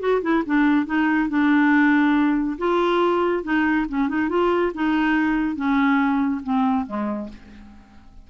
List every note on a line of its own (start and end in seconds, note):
0.00 0.21 F#4
0.22 0.43 E4
0.46 0.86 D4
0.86 1.29 D#4
1.29 2.58 D4
2.58 3.43 F4
3.43 3.86 D#4
3.89 4.09 C#4
4.09 4.29 D#4
4.29 4.72 F4
4.74 5.56 D#4
5.56 6.41 C#4
6.43 6.86 C4
6.86 7.29 G#3